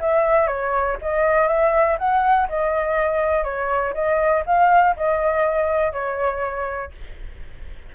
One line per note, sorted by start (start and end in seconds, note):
0.00 0.47 E5
0.47 0.97 C#5
1.01 1.48 D#5
1.48 1.97 E5
1.98 2.48 F#5
2.49 3.44 D#5
3.44 3.94 C#5
3.94 4.43 D#5
4.46 4.95 F5
4.96 5.92 D#5
5.92 6.92 C#5